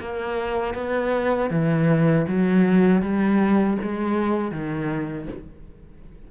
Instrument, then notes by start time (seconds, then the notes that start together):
cello
0.00 A#3
0.74 B3
1.50 E3
2.28 F#3
3.01 G3
3.82 G#3
4.51 D#3